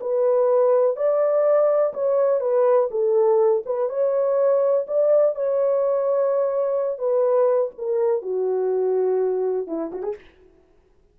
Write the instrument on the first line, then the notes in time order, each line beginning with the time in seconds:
horn
0.00 B4
0.96 D5
1.93 C#5
2.40 B4
2.90 A4
3.65 B4
3.89 C#5
4.87 D5
5.35 C#5
6.98 B4
7.77 A#4
8.22 F#4
9.67 E4
9.92 F#4
10.02 G#4